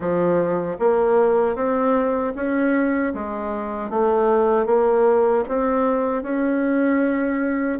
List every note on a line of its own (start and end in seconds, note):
0.00 0.77 F3
0.79 1.55 A#3
1.55 2.33 C4
2.35 3.13 C#4
3.13 3.90 G#3
3.90 4.66 A3
4.66 5.44 A#3
5.48 6.23 C4
6.23 7.79 C#4